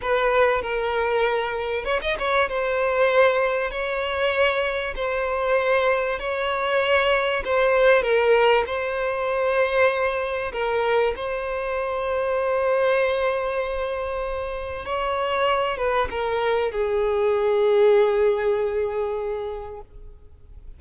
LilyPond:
\new Staff \with { instrumentName = "violin" } { \time 4/4 \tempo 4 = 97 b'4 ais'2 cis''16 dis''16 cis''8 | c''2 cis''2 | c''2 cis''2 | c''4 ais'4 c''2~ |
c''4 ais'4 c''2~ | c''1 | cis''4. b'8 ais'4 gis'4~ | gis'1 | }